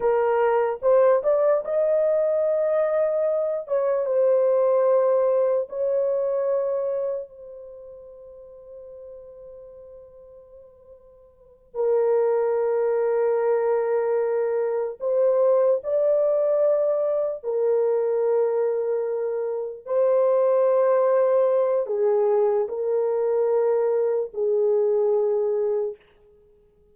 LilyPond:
\new Staff \with { instrumentName = "horn" } { \time 4/4 \tempo 4 = 74 ais'4 c''8 d''8 dis''2~ | dis''8 cis''8 c''2 cis''4~ | cis''4 c''2.~ | c''2~ c''8 ais'4.~ |
ais'2~ ais'8 c''4 d''8~ | d''4. ais'2~ ais'8~ | ais'8 c''2~ c''8 gis'4 | ais'2 gis'2 | }